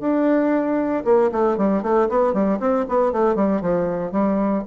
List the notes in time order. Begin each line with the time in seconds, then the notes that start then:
0.00 D4
1.05 A#3
1.32 A3
1.57 G3
1.82 A3
2.09 B3
2.33 G3
2.60 C4
2.88 B3
3.12 A3
3.36 G3
3.61 F3
4.11 G3